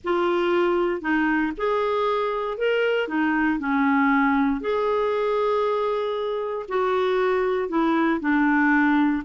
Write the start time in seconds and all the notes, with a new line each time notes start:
0.03 F4
1.01 D#4
1.57 G#4
2.57 A#4
3.07 D#4
3.59 C#4
4.60 G#4
6.68 F#4
7.68 E4
8.20 D4